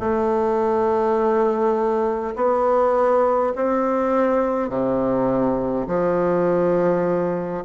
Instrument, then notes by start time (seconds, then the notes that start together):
bassoon
0.00 A3
2.36 B3
3.56 C4
4.70 C3
5.88 F3